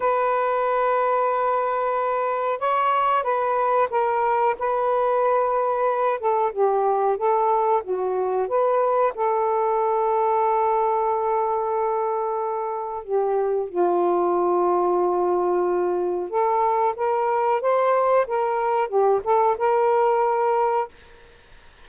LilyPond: \new Staff \with { instrumentName = "saxophone" } { \time 4/4 \tempo 4 = 92 b'1 | cis''4 b'4 ais'4 b'4~ | b'4. a'8 g'4 a'4 | fis'4 b'4 a'2~ |
a'1 | g'4 f'2.~ | f'4 a'4 ais'4 c''4 | ais'4 g'8 a'8 ais'2 | }